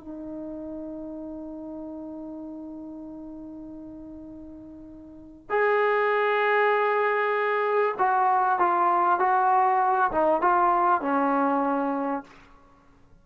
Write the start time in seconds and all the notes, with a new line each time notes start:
0.00 D#4
5.50 G#4
7.99 F#4
8.59 F4
9.20 F#4
10.12 D#4
10.42 F4
11.02 C#4